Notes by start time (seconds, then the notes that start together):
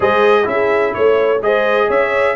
0.00 G#3 G#4 C5 D#5
0.44 C#4 E4 G#4 E5
0.94 A3 C#5
1.41 G#3 G#4 C5 D#5
1.87 C#4 C#5 E5